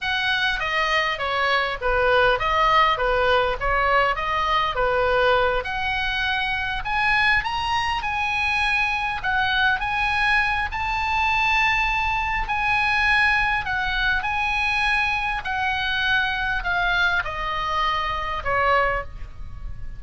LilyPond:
\new Staff \with { instrumentName = "oboe" } { \time 4/4 \tempo 4 = 101 fis''4 dis''4 cis''4 b'4 | dis''4 b'4 cis''4 dis''4 | b'4. fis''2 gis''8~ | gis''8 ais''4 gis''2 fis''8~ |
fis''8 gis''4. a''2~ | a''4 gis''2 fis''4 | gis''2 fis''2 | f''4 dis''2 cis''4 | }